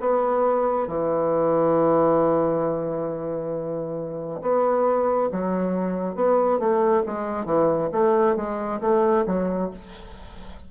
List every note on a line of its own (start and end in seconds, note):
0.00 0.87 B3
0.87 4.40 E3
4.41 5.29 B3
5.31 6.15 F#3
6.15 6.59 B3
6.59 7.03 A3
7.06 7.45 G#3
7.45 7.89 E3
7.92 8.36 A3
8.36 8.80 G#3
8.81 9.25 A3
9.26 9.71 F#3